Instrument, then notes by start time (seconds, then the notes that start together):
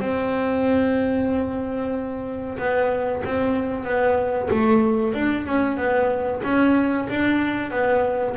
double bass
0.00 C4
2.58 B3
3.25 C4
3.84 B3
4.50 A3
5.14 D4
5.47 C#4
5.77 B3
6.44 C#4
7.09 D4
7.71 B3